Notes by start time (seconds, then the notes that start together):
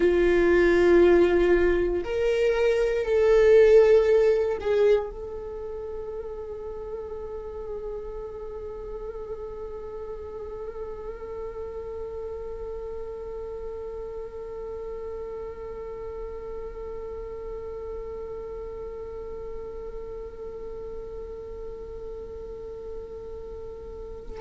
0.00 F4
2.04 A#4
3.05 A4
4.60 G#4
5.10 A4